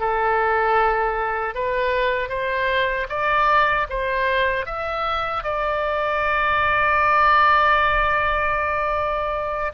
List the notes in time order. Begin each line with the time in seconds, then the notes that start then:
0.00 A4
1.55 B4
2.29 C5
3.09 D5
3.90 C5
4.66 E5
5.44 D5